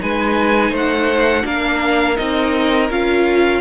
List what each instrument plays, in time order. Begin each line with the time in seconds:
0.00 cello G#3, viola D#4, violin B4 G#5
0.71 cello A3, violin C5 F#5
1.44 cello A#3, viola D4, violin A#4 F5
2.16 cello C4, viola D#4, violin D#5
2.91 cello C#4, viola F4, violin F5